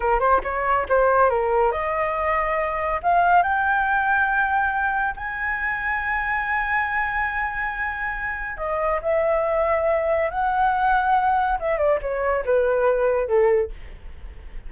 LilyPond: \new Staff \with { instrumentName = "flute" } { \time 4/4 \tempo 4 = 140 ais'8 c''8 cis''4 c''4 ais'4 | dis''2. f''4 | g''1 | gis''1~ |
gis''1 | dis''4 e''2. | fis''2. e''8 d''8 | cis''4 b'2 a'4 | }